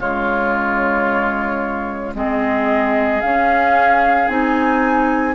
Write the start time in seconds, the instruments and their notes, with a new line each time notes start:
0.00 bassoon C#3, clarinet G#3, oboe F4, flute C#5
2.15 bassoon G#3, clarinet C4, oboe G#4, flute D#5
3.21 clarinet C#4, bassoon C#4, flute F5
4.28 bassoon C4, clarinet D#4, flute G#5